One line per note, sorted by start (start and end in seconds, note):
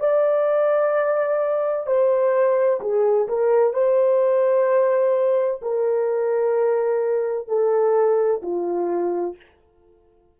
0.00 1.87 D5
1.87 2.80 C5
2.81 3.28 G#4
3.28 3.73 A#4
3.73 5.61 C5
5.62 7.48 A#4
7.48 8.42 A4
8.42 9.36 F4